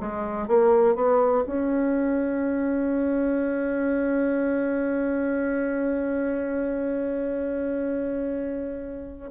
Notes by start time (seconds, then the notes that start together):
0.00 G#3
0.48 A#3
0.95 B3
1.47 C#4